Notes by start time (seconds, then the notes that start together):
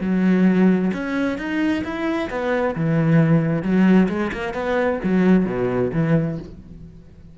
0.00 F#3
0.93 C#4
1.38 D#4
1.84 E4
2.29 B3
2.75 E3
3.62 F#3
4.08 G#3
4.32 A#3
4.54 B3
5.04 F#3
5.45 B2
5.93 E3